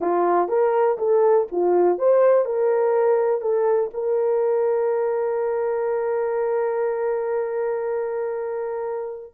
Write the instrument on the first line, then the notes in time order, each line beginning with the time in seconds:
horn
0.00 F4
0.48 A#4
0.98 A4
1.51 F4
1.98 C5
2.45 A#4
3.41 A4
3.93 A#4